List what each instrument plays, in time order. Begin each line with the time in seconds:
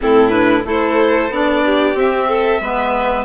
0.01 bassoon A2, clarinet C4, violin E4 A4
0.29 clarinet D4, violin B4
0.65 bassoon A3, clarinet E4, violin A4 C5
1.30 bassoon B3, clarinet D4, violin D5
1.65 violin G4
1.94 bassoon C4, clarinet C4, violin E5
2.28 violin A4
2.60 bassoon G#3, clarinet B3, violin B4